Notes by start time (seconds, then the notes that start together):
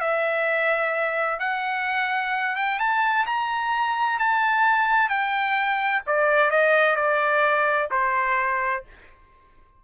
0.00 E5
1.40 F#5
2.56 G5
2.79 A5
3.26 A#5
4.19 A5
5.09 G5
6.07 D5
6.51 D#5
6.96 D5
7.91 C5